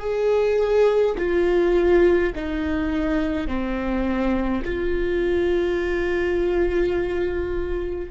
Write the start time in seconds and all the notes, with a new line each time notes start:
0.00 G#4
1.18 F4
2.35 D#4
3.47 C4
4.65 F4